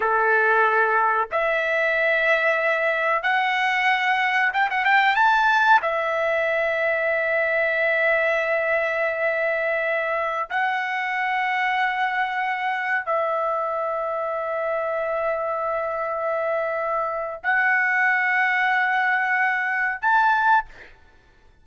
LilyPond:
\new Staff \with { instrumentName = "trumpet" } { \time 4/4 \tempo 4 = 93 a'2 e''2~ | e''4 fis''2 g''16 fis''16 g''8 | a''4 e''2.~ | e''1~ |
e''16 fis''2.~ fis''8.~ | fis''16 e''2.~ e''8.~ | e''2. fis''4~ | fis''2. a''4 | }